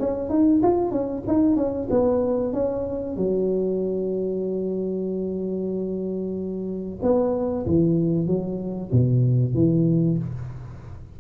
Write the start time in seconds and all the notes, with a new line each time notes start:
0.00 C#4
0.30 D#4
0.63 F4
0.91 C#4
1.28 D#4
1.56 C#4
1.90 B3
2.53 C#4
3.17 F#3
7.02 B3
7.66 E3
8.27 F#3
8.92 B2
9.55 E3